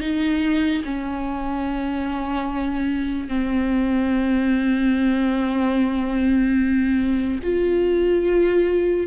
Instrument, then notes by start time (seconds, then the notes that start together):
viola
0.00 D#4
0.84 C#4
3.28 C4
7.43 F4